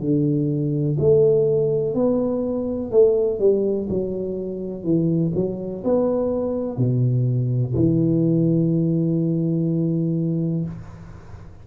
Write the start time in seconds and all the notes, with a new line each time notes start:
0.00 D3
0.99 A3
1.94 B3
2.91 A3
3.39 G3
3.89 F#3
4.83 E3
5.34 F#3
5.84 B3
6.77 B2
7.74 E3